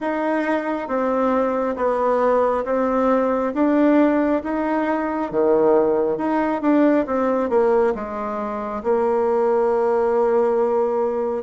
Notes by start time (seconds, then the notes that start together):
0.00 D#4
0.87 C4
1.76 B3
2.65 C4
3.53 D4
4.43 D#4
5.31 D#3
6.17 D#4
6.61 D4
7.06 C4
7.49 A#3
7.94 G#3
8.83 A#3